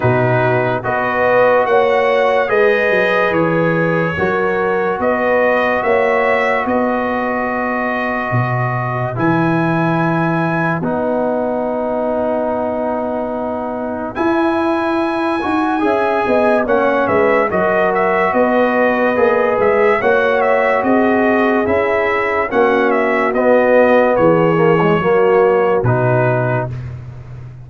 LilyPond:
<<
  \new Staff \with { instrumentName = "trumpet" } { \time 4/4 \tempo 4 = 72 b'4 dis''4 fis''4 dis''4 | cis''2 dis''4 e''4 | dis''2. gis''4~ | gis''4 fis''2.~ |
fis''4 gis''2. | fis''8 e''8 dis''8 e''8 dis''4. e''8 | fis''8 e''8 dis''4 e''4 fis''8 e''8 | dis''4 cis''2 b'4 | }
  \new Staff \with { instrumentName = "horn" } { \time 4/4 fis'4 b'4 cis''4 b'4~ | b'4 ais'4 b'4 cis''4 | b'1~ | b'1~ |
b'2. e''8 dis''8 | cis''8 b'8 ais'4 b'2 | cis''4 gis'2 fis'4~ | fis'4 gis'4 fis'2 | }
  \new Staff \with { instrumentName = "trombone" } { \time 4/4 dis'4 fis'2 gis'4~ | gis'4 fis'2.~ | fis'2. e'4~ | e'4 dis'2.~ |
dis'4 e'4. fis'8 gis'4 | cis'4 fis'2 gis'4 | fis'2 e'4 cis'4 | b4. ais16 gis16 ais4 dis'4 | }
  \new Staff \with { instrumentName = "tuba" } { \time 4/4 b,4 b4 ais4 gis8 fis8 | e4 fis4 b4 ais4 | b2 b,4 e4~ | e4 b2.~ |
b4 e'4. dis'8 cis'8 b8 | ais8 gis8 fis4 b4 ais8 gis8 | ais4 c'4 cis'4 ais4 | b4 e4 fis4 b,4 | }
>>